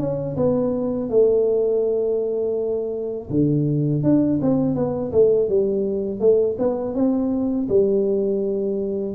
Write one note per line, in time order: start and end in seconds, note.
0.00 0.37 C#4
0.37 1.10 B3
1.10 3.30 A3
3.30 4.03 D3
4.03 4.40 D4
4.42 4.76 C4
4.76 5.12 B3
5.13 5.49 A3
5.49 6.20 G3
6.20 6.57 A3
6.59 6.95 B3
6.95 7.68 C4
7.69 9.15 G3